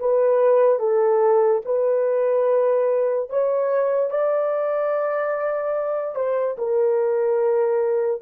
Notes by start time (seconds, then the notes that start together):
0.00 B4
0.80 A4
1.66 B4
3.30 C#5
4.11 D5
6.16 C5
6.59 A#4